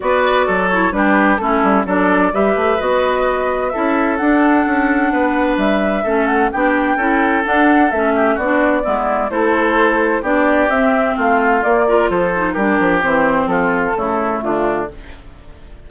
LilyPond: <<
  \new Staff \with { instrumentName = "flute" } { \time 4/4 \tempo 4 = 129 d''4. cis''8 b'4 a'4 | d''4 e''4 dis''2 | e''4 fis''2. | e''4. fis''8 g''2 |
fis''4 e''4 d''2 | c''2 d''4 e''4 | f''4 d''4 c''4 ais'4 | c''4 a'2 f'4 | }
  \new Staff \with { instrumentName = "oboe" } { \time 4/4 b'4 a'4 g'4 e'4 | a'4 b'2. | a'2. b'4~ | b'4 a'4 g'4 a'4~ |
a'4. g'8 fis'4 e'4 | a'2 g'2 | f'4. ais'8 a'4 g'4~ | g'4 f'4 e'4 d'4 | }
  \new Staff \with { instrumentName = "clarinet" } { \time 4/4 fis'4. e'8 d'4 cis'4 | d'4 g'4 fis'2 | e'4 d'2.~ | d'4 cis'4 d'4 e'4 |
d'4 cis'4 d'4 b4 | e'2 d'4 c'4~ | c'4 ais8 f'4 dis'8 d'4 | c'2 a2 | }
  \new Staff \with { instrumentName = "bassoon" } { \time 4/4 b4 fis4 g4 a8 g8 | fis4 g8 a8 b2 | cis'4 d'4 cis'4 b4 | g4 a4 b4 cis'4 |
d'4 a4 b4 gis4 | a2 b4 c'4 | a4 ais4 f4 g8 f8 | e4 f4 cis4 d4 | }
>>